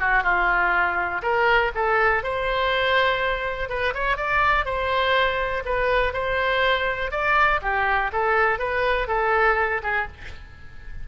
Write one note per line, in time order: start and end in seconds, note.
0.00 0.24 F#4
0.24 1.22 F4
1.23 1.72 A#4
1.75 2.24 A4
2.24 3.70 C5
3.70 3.94 B4
3.95 4.17 C#5
4.17 4.65 D5
4.65 5.64 C5
5.66 6.14 B4
6.14 7.12 C5
7.12 7.61 D5
7.63 8.12 G4
8.13 8.59 A4
8.59 9.08 B4
9.08 9.82 A4
9.83 10.08 G#4